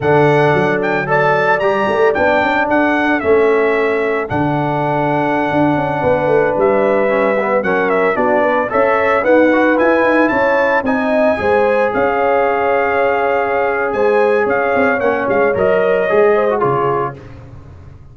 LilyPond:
<<
  \new Staff \with { instrumentName = "trumpet" } { \time 4/4 \tempo 4 = 112 fis''4. g''8 a''4 ais''4 | g''4 fis''4 e''2 | fis''1~ | fis''16 e''2 fis''8 e''8 d''8.~ |
d''16 e''4 fis''4 gis''4 a''8.~ | a''16 gis''2 f''4.~ f''16~ | f''2 gis''4 f''4 | fis''8 f''8 dis''2 cis''4 | }
  \new Staff \with { instrumentName = "horn" } { \time 4/4 a'2 d''2~ | d''4 a'2.~ | a'2.~ a'16 b'8.~ | b'2~ b'16 ais'4 fis'8 b'16~ |
b'16 cis''4 b'2 cis''8.~ | cis''16 dis''4 c''4 cis''4.~ cis''16~ | cis''2 c''4 cis''4~ | cis''2~ cis''8 c''8 gis'4 | }
  \new Staff \with { instrumentName = "trombone" } { \time 4/4 d'2 a'4 g'4 | d'2 cis'2 | d'1~ | d'4~ d'16 cis'8 b8 cis'4 d'8.~ |
d'16 a'4 b8 fis'8 e'4.~ e'16~ | e'16 dis'4 gis'2~ gis'8.~ | gis'1 | cis'4 ais'4 gis'8. fis'16 f'4 | }
  \new Staff \with { instrumentName = "tuba" } { \time 4/4 d4 fis2 g8 a8 | b8 cis'8 d'4 a2 | d2~ d16 d'8 cis'8 b8 a16~ | a16 g2 fis4 b8.~ |
b16 cis'4 dis'4 e'8 dis'8 cis'8.~ | cis'16 c'4 gis4 cis'4.~ cis'16~ | cis'2 gis4 cis'8 c'8 | ais8 gis8 fis4 gis4 cis4 | }
>>